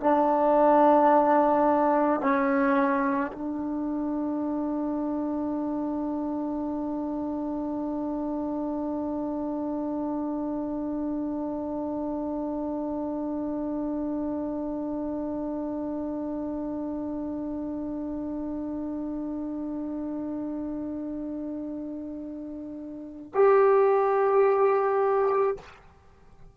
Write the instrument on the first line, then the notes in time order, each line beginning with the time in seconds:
trombone
0.00 D4
2.21 C#4
3.32 D4
23.34 G4